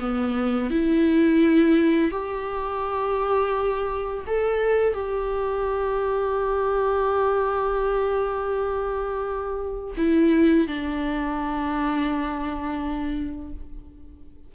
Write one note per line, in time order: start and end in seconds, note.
0.00 0.71 B3
0.71 2.12 E4
2.12 4.26 G4
4.27 4.94 A4
4.94 9.94 G4
9.98 10.68 E4
10.68 13.53 D4